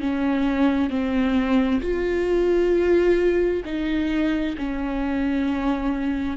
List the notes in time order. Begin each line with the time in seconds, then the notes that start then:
0.00 C#4
0.90 C4
1.81 F4
3.64 D#4
4.57 C#4